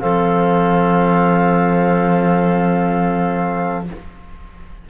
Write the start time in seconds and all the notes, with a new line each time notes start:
0.00 F3 C4 A4 F5